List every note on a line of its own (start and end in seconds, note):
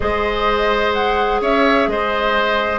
0.00 1.41 G#3
0.00 2.79 G#4
0.00 1.41 C5
0.00 0.93 D#5
0.93 1.40 F#5
1.41 1.87 C#4
1.41 1.88 C#5
1.41 1.88 E5
1.87 2.79 G#3
1.87 2.79 C5
1.87 2.79 D#5